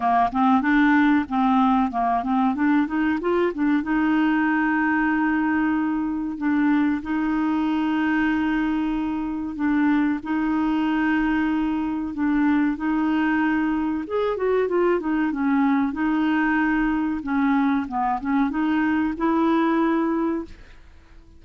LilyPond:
\new Staff \with { instrumentName = "clarinet" } { \time 4/4 \tempo 4 = 94 ais8 c'8 d'4 c'4 ais8 c'8 | d'8 dis'8 f'8 d'8 dis'2~ | dis'2 d'4 dis'4~ | dis'2. d'4 |
dis'2. d'4 | dis'2 gis'8 fis'8 f'8 dis'8 | cis'4 dis'2 cis'4 | b8 cis'8 dis'4 e'2 | }